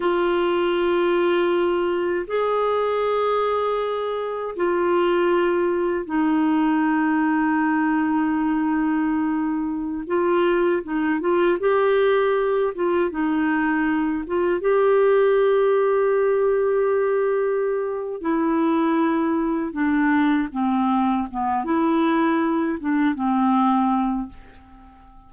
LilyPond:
\new Staff \with { instrumentName = "clarinet" } { \time 4/4 \tempo 4 = 79 f'2. gis'4~ | gis'2 f'2 | dis'1~ | dis'4~ dis'16 f'4 dis'8 f'8 g'8.~ |
g'8. f'8 dis'4. f'8 g'8.~ | g'1 | e'2 d'4 c'4 | b8 e'4. d'8 c'4. | }